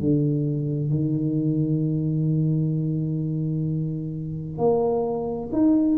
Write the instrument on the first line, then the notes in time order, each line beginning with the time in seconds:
tuba
0.00 D3
0.90 D#3
4.58 A#3
5.52 D#4